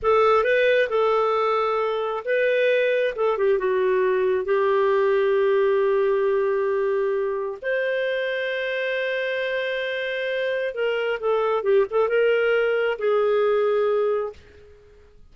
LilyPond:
\new Staff \with { instrumentName = "clarinet" } { \time 4/4 \tempo 4 = 134 a'4 b'4 a'2~ | a'4 b'2 a'8 g'8 | fis'2 g'2~ | g'1~ |
g'4 c''2.~ | c''1 | ais'4 a'4 g'8 a'8 ais'4~ | ais'4 gis'2. | }